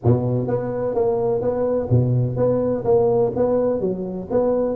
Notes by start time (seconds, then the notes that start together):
0.03 B2
0.47 B3
0.94 A#3
1.41 B3
1.90 B2
2.36 B3
2.84 A#3
3.36 B3
3.80 F#3
4.30 B3